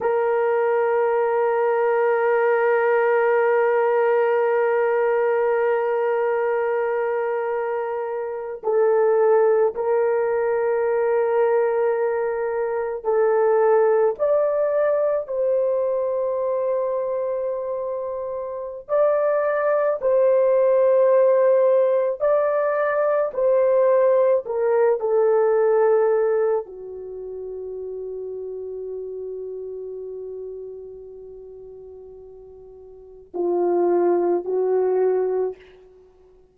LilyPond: \new Staff \with { instrumentName = "horn" } { \time 4/4 \tempo 4 = 54 ais'1~ | ais'2.~ ais'8. a'16~ | a'8. ais'2. a'16~ | a'8. d''4 c''2~ c''16~ |
c''4 d''4 c''2 | d''4 c''4 ais'8 a'4. | fis'1~ | fis'2 f'4 fis'4 | }